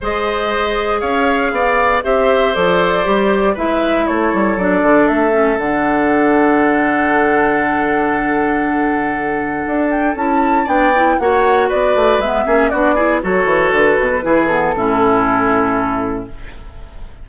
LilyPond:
<<
  \new Staff \with { instrumentName = "flute" } { \time 4/4 \tempo 4 = 118 dis''2 f''2 | e''4 d''2 e''4 | cis''4 d''4 e''4 fis''4~ | fis''1~ |
fis''2.~ fis''8 g''8 | a''4 g''4 fis''4 d''4 | e''4 d''4 cis''4 b'4~ | b'8 a'2.~ a'8 | }
  \new Staff \with { instrumentName = "oboe" } { \time 4/4 c''2 cis''4 d''4 | c''2. b'4 | a'1~ | a'1~ |
a'1~ | a'4 d''4 cis''4 b'4~ | b'8 gis'8 fis'8 gis'8 a'2 | gis'4 e'2. | }
  \new Staff \with { instrumentName = "clarinet" } { \time 4/4 gis'1 | g'4 a'4 g'4 e'4~ | e'4 d'4. cis'8 d'4~ | d'1~ |
d'1 | e'4 d'8 e'8 fis'2 | b8 cis'8 d'8 e'8 fis'2 | e'8 b8 cis'2. | }
  \new Staff \with { instrumentName = "bassoon" } { \time 4/4 gis2 cis'4 b4 | c'4 f4 g4 gis4 | a8 g8 fis8 d8 a4 d4~ | d1~ |
d2. d'4 | cis'4 b4 ais4 b8 a8 | gis8 ais8 b4 fis8 e8 d8 b,8 | e4 a,2. | }
>>